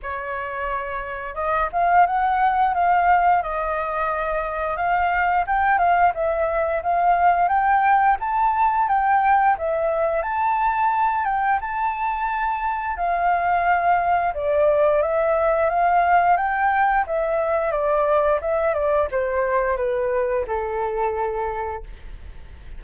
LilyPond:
\new Staff \with { instrumentName = "flute" } { \time 4/4 \tempo 4 = 88 cis''2 dis''8 f''8 fis''4 | f''4 dis''2 f''4 | g''8 f''8 e''4 f''4 g''4 | a''4 g''4 e''4 a''4~ |
a''8 g''8 a''2 f''4~ | f''4 d''4 e''4 f''4 | g''4 e''4 d''4 e''8 d''8 | c''4 b'4 a'2 | }